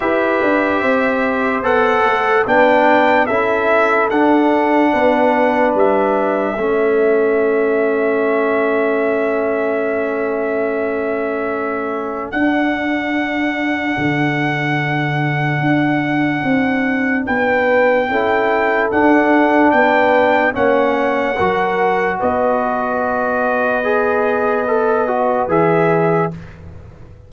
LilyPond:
<<
  \new Staff \with { instrumentName = "trumpet" } { \time 4/4 \tempo 4 = 73 e''2 fis''4 g''4 | e''4 fis''2 e''4~ | e''1~ | e''2. fis''4~ |
fis''1~ | fis''4 g''2 fis''4 | g''4 fis''2 dis''4~ | dis''2. e''4 | }
  \new Staff \with { instrumentName = "horn" } { \time 4/4 b'4 c''2 b'4 | a'2 b'2 | a'1~ | a'1~ |
a'1~ | a'4 b'4 a'2 | b'4 cis''4 ais'4 b'4~ | b'1 | }
  \new Staff \with { instrumentName = "trombone" } { \time 4/4 g'2 a'4 d'4 | e'4 d'2. | cis'1~ | cis'2. d'4~ |
d'1~ | d'2 e'4 d'4~ | d'4 cis'4 fis'2~ | fis'4 gis'4 a'8 fis'8 gis'4 | }
  \new Staff \with { instrumentName = "tuba" } { \time 4/4 e'8 d'8 c'4 b8 a8 b4 | cis'4 d'4 b4 g4 | a1~ | a2. d'4~ |
d'4 d2 d'4 | c'4 b4 cis'4 d'4 | b4 ais4 fis4 b4~ | b2. e4 | }
>>